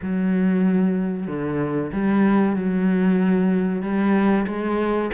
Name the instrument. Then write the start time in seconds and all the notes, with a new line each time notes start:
cello
0.01 F#3
1.27 D3
1.92 G3
2.55 F#3
3.82 G3
4.47 G#3